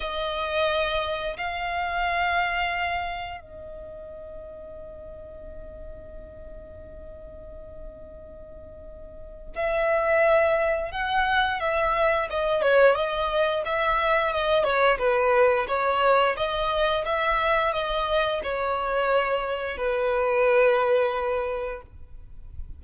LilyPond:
\new Staff \with { instrumentName = "violin" } { \time 4/4 \tempo 4 = 88 dis''2 f''2~ | f''4 dis''2.~ | dis''1~ | dis''2 e''2 |
fis''4 e''4 dis''8 cis''8 dis''4 | e''4 dis''8 cis''8 b'4 cis''4 | dis''4 e''4 dis''4 cis''4~ | cis''4 b'2. | }